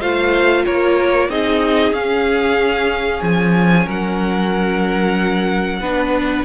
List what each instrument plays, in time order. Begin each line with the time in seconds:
0.00 cello A3, viola F4, violin C5 F5
0.66 cello A#3, violin A#4 C#5
1.29 cello C4, viola D#4, violin G#4 D#5
1.92 cello C#4, viola C#4, violin F5
3.22 cello F3, violin G#5
3.86 cello F#3, violin A#4 F#5
5.80 cello B3, viola D4, violin B4